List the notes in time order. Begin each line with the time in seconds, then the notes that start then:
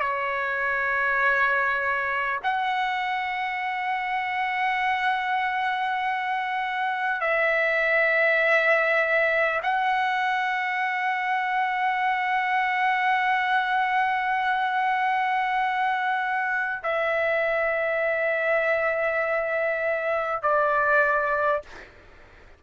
0.00 C#5
2.43 F#5
7.21 E5
9.63 F#5
16.83 E5
20.42 D5